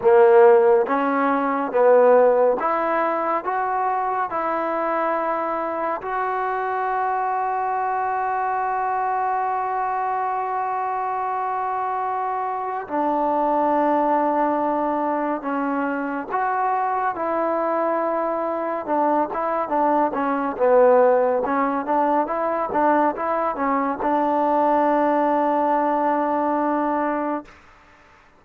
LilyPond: \new Staff \with { instrumentName = "trombone" } { \time 4/4 \tempo 4 = 70 ais4 cis'4 b4 e'4 | fis'4 e'2 fis'4~ | fis'1~ | fis'2. d'4~ |
d'2 cis'4 fis'4 | e'2 d'8 e'8 d'8 cis'8 | b4 cis'8 d'8 e'8 d'8 e'8 cis'8 | d'1 | }